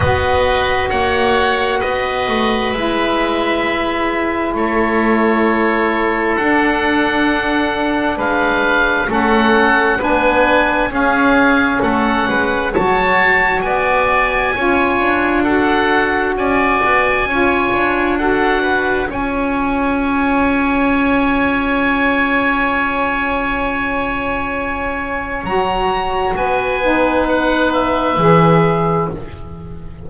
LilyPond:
<<
  \new Staff \with { instrumentName = "oboe" } { \time 4/4 \tempo 4 = 66 dis''4 fis''4 dis''4 e''4~ | e''4 cis''2 fis''4~ | fis''4 f''4 fis''4 gis''4 | f''4 fis''4 a''4 gis''4~ |
gis''4 fis''4 gis''2 | fis''4 gis''2.~ | gis''1 | ais''4 gis''4 fis''8 e''4. | }
  \new Staff \with { instrumentName = "oboe" } { \time 4/4 b'4 cis''4 b'2~ | b'4 a'2.~ | a'4 b'4 a'4 b'4 | gis'4 a'8 b'8 cis''4 d''4 |
cis''4 a'4 d''4 cis''4 | a'8 b'8 cis''2.~ | cis''1~ | cis''4 b'2. | }
  \new Staff \with { instrumentName = "saxophone" } { \time 4/4 fis'2. e'4~ | e'2. d'4~ | d'2 cis'4 d'4 | cis'2 fis'2 |
f'4 fis'2 f'4 | fis'4 f'2.~ | f'1 | fis'4. dis'4. gis'4 | }
  \new Staff \with { instrumentName = "double bass" } { \time 4/4 b4 ais4 b8 a8 gis4~ | gis4 a2 d'4~ | d'4 gis4 a4 b4 | cis'4 a8 gis8 fis4 b4 |
cis'8 d'4. cis'8 b8 cis'8 d'8~ | d'4 cis'2.~ | cis'1 | fis4 b2 e4 | }
>>